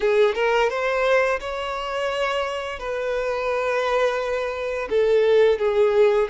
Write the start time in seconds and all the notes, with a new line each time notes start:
0.00 G#4
0.35 A#4
0.69 C5
1.40 C#5
2.79 B4
4.89 A4
5.58 G#4